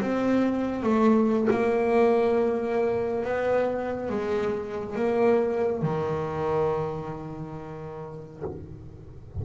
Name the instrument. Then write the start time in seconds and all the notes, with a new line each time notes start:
double bass
0.00 C4
0.82 A3
1.50 A#3
3.24 B3
4.09 G#3
4.95 A#3
5.82 D#3